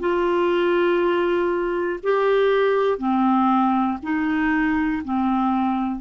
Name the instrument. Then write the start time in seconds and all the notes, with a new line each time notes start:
clarinet
0.00 F4
2.03 G4
2.98 C4
4.02 D#4
5.04 C4